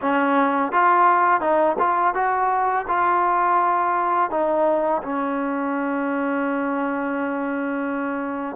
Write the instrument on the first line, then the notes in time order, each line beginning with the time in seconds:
trombone
0.01 C#4
0.72 F4
1.41 D#4
1.78 F4
2.14 F#4
2.88 F4
4.30 D#4
5.03 C#4